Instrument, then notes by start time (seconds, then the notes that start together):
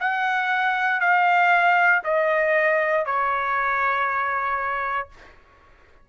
trumpet
0.00 F#5
1.00 F5
2.04 D#5
3.05 C#5